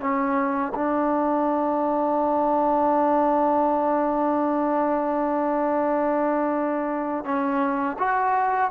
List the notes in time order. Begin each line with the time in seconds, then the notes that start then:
0.00 C#4
0.75 D4
7.24 C#4
7.98 F#4